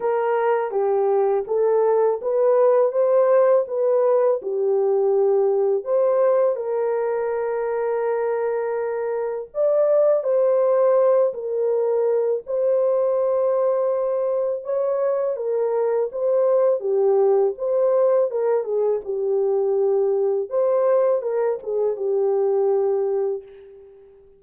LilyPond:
\new Staff \with { instrumentName = "horn" } { \time 4/4 \tempo 4 = 82 ais'4 g'4 a'4 b'4 | c''4 b'4 g'2 | c''4 ais'2.~ | ais'4 d''4 c''4. ais'8~ |
ais'4 c''2. | cis''4 ais'4 c''4 g'4 | c''4 ais'8 gis'8 g'2 | c''4 ais'8 gis'8 g'2 | }